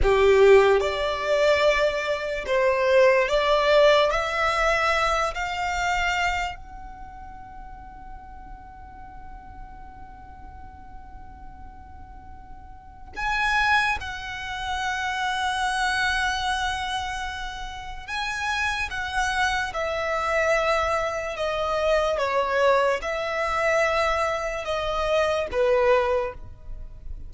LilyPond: \new Staff \with { instrumentName = "violin" } { \time 4/4 \tempo 4 = 73 g'4 d''2 c''4 | d''4 e''4. f''4. | fis''1~ | fis''1 |
gis''4 fis''2.~ | fis''2 gis''4 fis''4 | e''2 dis''4 cis''4 | e''2 dis''4 b'4 | }